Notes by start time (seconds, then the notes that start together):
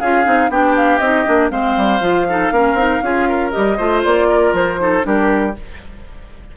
0.00 C#4 F4 G#4 F5
0.24 C4 D#4
0.49 B3 D4 G4 G5
0.76 F5
0.98 C4 D#4 D#5
1.26 A#3 D4
1.50 G#3 C4 C5 F5
1.77 G3
2.01 F3 F4
2.29 D#4 A4
2.52 A#3 C#4 A#4
2.73 C4 D#4
3.02 C#4 F4 G#4
3.29 A#4
3.51 G3 G4 D#5
3.77 A3 F4 C5
4.04 A#3 D5
4.30 A#4
4.53 F3 C5
4.79 D#4 A4
5.03 G3 D4 G4 A#4